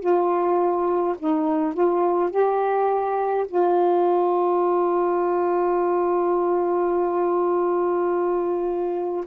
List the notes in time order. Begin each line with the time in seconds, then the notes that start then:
0.00 F4
1.19 D#4
1.74 F4
2.31 G4
3.48 F4